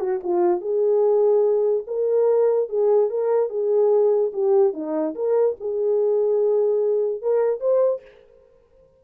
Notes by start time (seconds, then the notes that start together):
0.00 F#4
0.24 F4
0.61 G#4
1.87 A#4
2.69 G#4
3.10 A#4
3.49 G#4
4.33 G4
4.73 D#4
5.15 A#4
5.60 G#4
7.22 A#4
7.60 C5